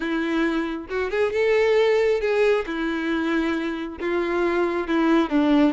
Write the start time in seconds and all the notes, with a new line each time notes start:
0.00 E4
0.89 F#4
1.10 G#4
1.32 A4
2.21 G#4
2.66 E4
3.99 F4
4.87 E4
5.29 D4